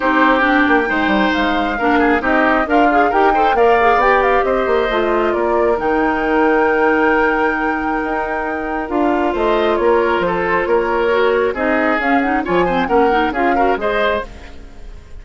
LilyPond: <<
  \new Staff \with { instrumentName = "flute" } { \time 4/4 \tempo 4 = 135 c''4 g''2 f''4~ | f''4 dis''4 f''4 g''4 | f''4 g''8 f''8 dis''2 | d''4 g''2.~ |
g''1 | f''4 dis''4 cis''4 c''4 | cis''2 dis''4 f''8 fis''8 | gis''4 fis''4 f''4 dis''4 | }
  \new Staff \with { instrumentName = "oboe" } { \time 4/4 g'2 c''2 | ais'8 gis'8 g'4 f'4 ais'8 c''8 | d''2 c''2 | ais'1~ |
ais'1~ | ais'4 c''4 ais'4 a'4 | ais'2 gis'2 | cis''8 c''8 ais'4 gis'8 ais'8 c''4 | }
  \new Staff \with { instrumentName = "clarinet" } { \time 4/4 dis'4 d'4 dis'2 | d'4 dis'4 ais'8 gis'8 g'8 a'8 | ais'8 gis'8 g'2 f'4~ | f'4 dis'2.~ |
dis'1 | f'1~ | f'4 fis'4 dis'4 cis'8 dis'8 | f'8 c'8 cis'8 dis'8 f'8 fis'8 gis'4 | }
  \new Staff \with { instrumentName = "bassoon" } { \time 4/4 c'4. ais8 gis8 g8 gis4 | ais4 c'4 d'4 dis'4 | ais4 b4 c'8 ais8 a4 | ais4 dis2.~ |
dis2 dis'2 | d'4 a4 ais4 f4 | ais2 c'4 cis'4 | f4 ais4 cis'4 gis4 | }
>>